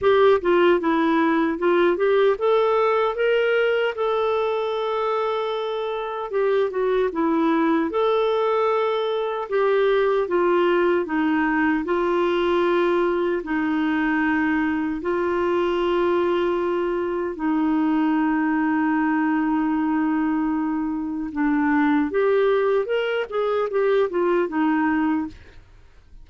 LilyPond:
\new Staff \with { instrumentName = "clarinet" } { \time 4/4 \tempo 4 = 76 g'8 f'8 e'4 f'8 g'8 a'4 | ais'4 a'2. | g'8 fis'8 e'4 a'2 | g'4 f'4 dis'4 f'4~ |
f'4 dis'2 f'4~ | f'2 dis'2~ | dis'2. d'4 | g'4 ais'8 gis'8 g'8 f'8 dis'4 | }